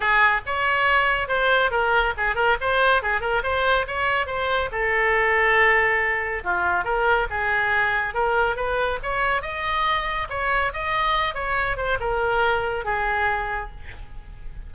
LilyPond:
\new Staff \with { instrumentName = "oboe" } { \time 4/4 \tempo 4 = 140 gis'4 cis''2 c''4 | ais'4 gis'8 ais'8 c''4 gis'8 ais'8 | c''4 cis''4 c''4 a'4~ | a'2. f'4 |
ais'4 gis'2 ais'4 | b'4 cis''4 dis''2 | cis''4 dis''4. cis''4 c''8 | ais'2 gis'2 | }